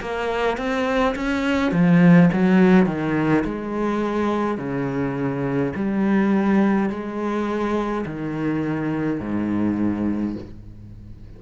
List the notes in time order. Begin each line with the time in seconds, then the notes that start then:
0.00 A#3
0.57 C4
1.15 C#4
1.72 F3
2.32 F#3
2.86 D#3
3.45 G#3
4.57 C#3
5.75 G3
6.89 G#3
8.06 D#3
9.20 G#2